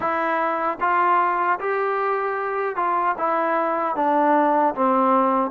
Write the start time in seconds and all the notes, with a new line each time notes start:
0.00 E4
0.80 F4
1.59 G4
2.76 F4
3.18 E4
3.95 D4
4.74 C4